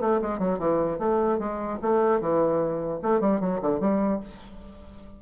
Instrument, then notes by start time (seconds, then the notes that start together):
bassoon
0.00 A3
0.21 G#3
0.39 F#3
0.58 E3
0.99 A3
1.38 G#3
1.81 A3
2.20 E3
3.02 A3
3.20 G3
3.40 F#3
3.61 D3
3.80 G3